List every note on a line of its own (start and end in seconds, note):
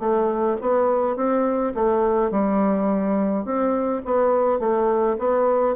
0.00 0.57 A3
0.61 1.17 B3
1.17 1.74 C4
1.75 2.31 A3
2.31 3.45 G3
3.45 4.03 C4
4.05 4.60 B3
4.60 5.17 A3
5.19 5.76 B3